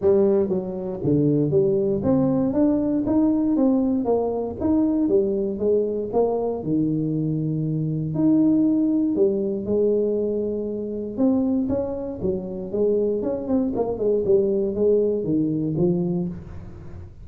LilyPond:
\new Staff \with { instrumentName = "tuba" } { \time 4/4 \tempo 4 = 118 g4 fis4 d4 g4 | c'4 d'4 dis'4 c'4 | ais4 dis'4 g4 gis4 | ais4 dis2. |
dis'2 g4 gis4~ | gis2 c'4 cis'4 | fis4 gis4 cis'8 c'8 ais8 gis8 | g4 gis4 dis4 f4 | }